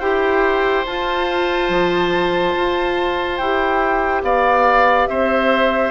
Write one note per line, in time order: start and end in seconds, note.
0.00 0.85 E4
0.00 0.86 G4
0.00 4.23 C5
0.00 0.85 G5
0.85 1.69 F4
0.85 3.40 F4
0.85 3.37 A5
1.69 2.54 F3
2.56 3.40 F4
3.37 4.23 E4
3.37 5.91 G4
3.37 4.22 G5
4.23 5.08 B3
4.23 5.09 D5
4.23 5.08 F5
5.08 5.91 C4
5.08 5.91 C5
5.08 5.91 E5